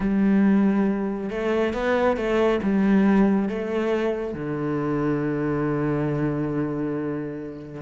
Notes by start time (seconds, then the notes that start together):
0.00 G3
1.30 A3
1.73 B3
2.16 A3
2.62 G3
3.48 A3
4.34 D3